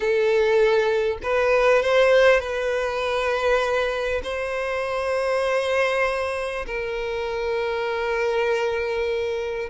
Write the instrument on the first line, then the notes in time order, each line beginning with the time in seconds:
violin
0.00 A4
1.22 B4
1.82 C5
2.39 B4
4.23 C5
6.66 A#4